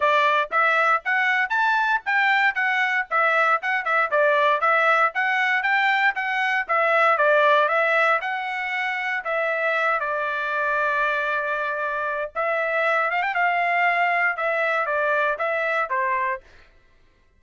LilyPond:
\new Staff \with { instrumentName = "trumpet" } { \time 4/4 \tempo 4 = 117 d''4 e''4 fis''4 a''4 | g''4 fis''4 e''4 fis''8 e''8 | d''4 e''4 fis''4 g''4 | fis''4 e''4 d''4 e''4 |
fis''2 e''4. d''8~ | d''1 | e''4. f''16 g''16 f''2 | e''4 d''4 e''4 c''4 | }